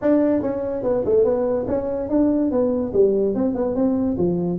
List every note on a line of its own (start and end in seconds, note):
0.01 0.41 D4
0.41 0.83 C#4
0.83 1.03 B3
1.05 1.24 A3
1.24 1.66 B3
1.67 2.09 C#4
2.09 2.51 D4
2.51 2.92 B3
2.93 3.34 G3
3.34 3.54 C4
3.54 3.75 B3
3.75 4.17 C4
4.17 4.59 F3